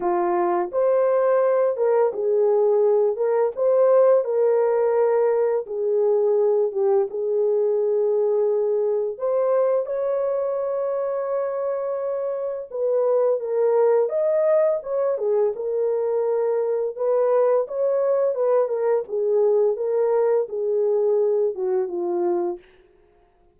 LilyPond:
\new Staff \with { instrumentName = "horn" } { \time 4/4 \tempo 4 = 85 f'4 c''4. ais'8 gis'4~ | gis'8 ais'8 c''4 ais'2 | gis'4. g'8 gis'2~ | gis'4 c''4 cis''2~ |
cis''2 b'4 ais'4 | dis''4 cis''8 gis'8 ais'2 | b'4 cis''4 b'8 ais'8 gis'4 | ais'4 gis'4. fis'8 f'4 | }